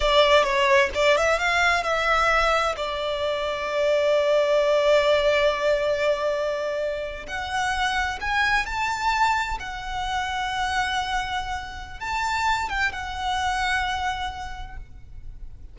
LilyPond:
\new Staff \with { instrumentName = "violin" } { \time 4/4 \tempo 4 = 130 d''4 cis''4 d''8 e''8 f''4 | e''2 d''2~ | d''1~ | d''2.~ d''8. fis''16~ |
fis''4.~ fis''16 gis''4 a''4~ a''16~ | a''8. fis''2.~ fis''16~ | fis''2 a''4. g''8 | fis''1 | }